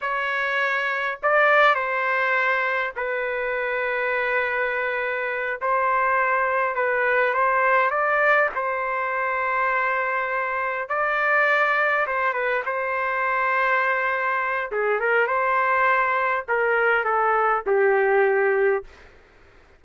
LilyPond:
\new Staff \with { instrumentName = "trumpet" } { \time 4/4 \tempo 4 = 102 cis''2 d''4 c''4~ | c''4 b'2.~ | b'4. c''2 b'8~ | b'8 c''4 d''4 c''4.~ |
c''2~ c''8 d''4.~ | d''8 c''8 b'8 c''2~ c''8~ | c''4 gis'8 ais'8 c''2 | ais'4 a'4 g'2 | }